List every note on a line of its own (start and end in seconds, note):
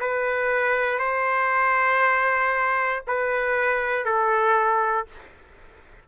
0.00 0.99 B4
0.99 3.02 C5
3.07 4.05 B4
4.05 5.07 A4